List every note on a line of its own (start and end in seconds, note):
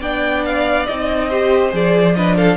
0.00 0.87 B3
0.00 0.87 D4
0.00 1.29 D5
0.00 0.44 G5
0.45 0.86 F5
0.86 1.73 C4
0.86 1.30 D#4
0.86 1.72 D#5
1.29 1.72 G4
1.29 2.15 C5
1.72 2.57 F3
1.72 2.14 G#4
1.72 2.15 D5
2.15 2.57 D4
2.15 2.36 B4
2.15 2.36 D#5
2.36 2.57 A4
2.36 2.57 F5